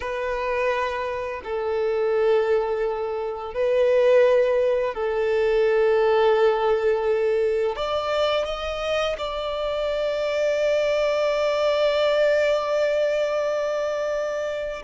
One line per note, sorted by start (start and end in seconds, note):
0.00 1.41 B4
1.43 3.54 A4
3.54 4.94 B4
4.94 7.76 A4
7.76 8.45 D5
8.45 9.16 D#5
9.18 14.82 D5